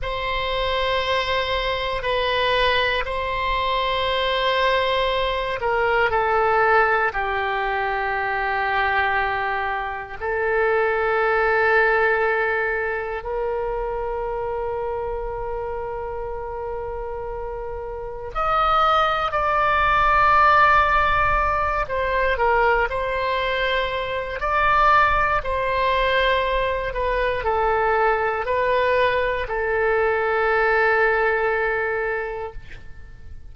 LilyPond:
\new Staff \with { instrumentName = "oboe" } { \time 4/4 \tempo 4 = 59 c''2 b'4 c''4~ | c''4. ais'8 a'4 g'4~ | g'2 a'2~ | a'4 ais'2.~ |
ais'2 dis''4 d''4~ | d''4. c''8 ais'8 c''4. | d''4 c''4. b'8 a'4 | b'4 a'2. | }